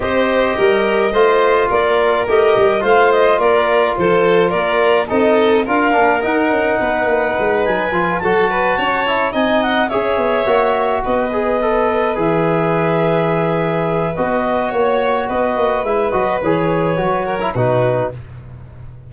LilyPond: <<
  \new Staff \with { instrumentName = "clarinet" } { \time 4/4 \tempo 4 = 106 dis''2. d''4 | dis''4 f''8 dis''8 d''4 c''4 | d''4 dis''4 f''4 fis''4~ | fis''4. gis''4 a''4.~ |
a''8 gis''8 fis''8 e''2 dis''8~ | dis''4. e''2~ e''8~ | e''4 dis''4 cis''4 dis''4 | e''8 dis''8 cis''2 b'4 | }
  \new Staff \with { instrumentName = "violin" } { \time 4/4 c''4 ais'4 c''4 ais'4~ | ais'4 c''4 ais'4 a'4 | ais'4 a'4 ais'2 | b'2~ b'8 a'8 b'8 cis''8~ |
cis''8 dis''4 cis''2 b'8~ | b'1~ | b'2 cis''4 b'4~ | b'2~ b'8 ais'8 fis'4 | }
  \new Staff \with { instrumentName = "trombone" } { \time 4/4 g'2 f'2 | g'4 f'2.~ | f'4 dis'4 f'8 d'8 dis'4~ | dis'2 f'8 fis'4. |
e'8 dis'4 gis'4 fis'4. | gis'8 a'4 gis'2~ gis'8~ | gis'4 fis'2. | e'8 fis'8 gis'4 fis'8. e'16 dis'4 | }
  \new Staff \with { instrumentName = "tuba" } { \time 4/4 c'4 g4 a4 ais4 | a8 g8 a4 ais4 f4 | ais4 c'4 d'8 ais8 dis'8 cis'8 | b8 ais8 gis8 fis8 f8 fis4 cis'8~ |
cis'8 c'4 cis'8 b8 ais4 b8~ | b4. e2~ e8~ | e4 b4 ais4 b8 ais8 | gis8 fis8 e4 fis4 b,4 | }
>>